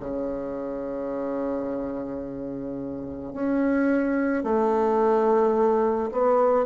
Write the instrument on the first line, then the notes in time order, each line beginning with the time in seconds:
bassoon
0.00 C#3
3.33 C#4
4.43 A3
6.11 B3